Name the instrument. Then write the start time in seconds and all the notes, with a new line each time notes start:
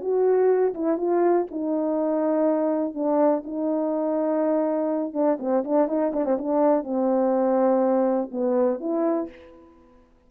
horn
0.00 F#4
0.74 E4
0.97 F4
1.51 D#4
2.94 D4
3.44 D#4
5.13 D4
5.39 C4
5.64 D4
5.88 D#4
6.13 D4
6.25 C4
6.38 D4
6.83 C4
8.31 B3
8.80 E4